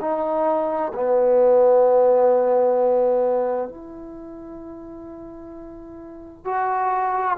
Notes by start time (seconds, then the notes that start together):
0.00 D#4
0.94 B3
3.69 E4
6.45 F#4